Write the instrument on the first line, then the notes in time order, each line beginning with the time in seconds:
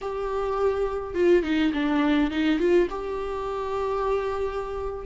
viola
0.01 G4
1.14 F4
1.43 D#4
1.73 D4
2.31 D#4
2.59 F4
2.90 G4